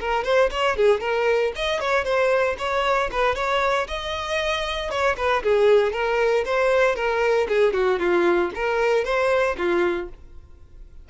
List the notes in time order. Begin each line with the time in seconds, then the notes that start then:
0.00 A#4
0.24 C5
0.51 C#5
0.76 G#4
1.00 A#4
1.55 D#5
1.80 C#5
2.04 C5
2.58 C#5
3.12 B4
3.35 C#5
3.87 D#5
4.90 C#5
5.17 B4
5.43 G#4
5.92 A#4
6.45 C5
6.95 A#4
7.48 G#4
7.73 F#4
7.99 F4
8.55 A#4
9.04 C5
9.57 F4